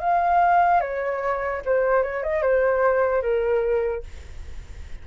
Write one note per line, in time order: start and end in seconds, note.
0.00 0.81 F5
0.81 1.62 C#5
1.65 2.03 C5
2.03 2.23 C#5
2.23 2.42 D#5
2.42 3.22 C5
3.22 4.03 A#4